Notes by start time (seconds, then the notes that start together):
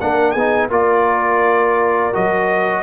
0.00 A#3 D4 A#4 F#5
0.31 B3 G#4 G#5
0.38 D#4
0.69 A#3 F4 A#4 D5
2.12 F#3 F#4 D#5